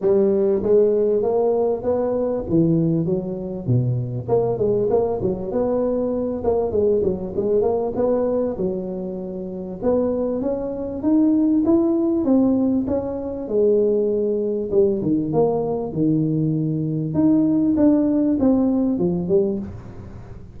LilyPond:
\new Staff \with { instrumentName = "tuba" } { \time 4/4 \tempo 4 = 98 g4 gis4 ais4 b4 | e4 fis4 b,4 ais8 gis8 | ais8 fis8 b4. ais8 gis8 fis8 | gis8 ais8 b4 fis2 |
b4 cis'4 dis'4 e'4 | c'4 cis'4 gis2 | g8 dis8 ais4 dis2 | dis'4 d'4 c'4 f8 g8 | }